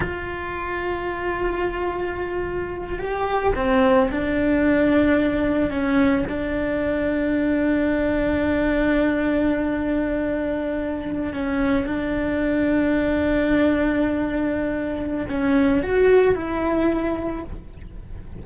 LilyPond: \new Staff \with { instrumentName = "cello" } { \time 4/4 \tempo 4 = 110 f'1~ | f'4. g'4 c'4 d'8~ | d'2~ d'8 cis'4 d'8~ | d'1~ |
d'1~ | d'8. cis'4 d'2~ d'16~ | d'1 | cis'4 fis'4 e'2 | }